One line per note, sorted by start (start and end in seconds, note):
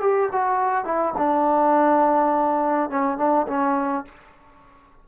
0.00 0.29 G4
0.32 0.85 F#4
0.85 1.14 E4
1.17 2.90 D4
2.90 3.18 C#4
3.18 3.46 D4
3.47 4.05 C#4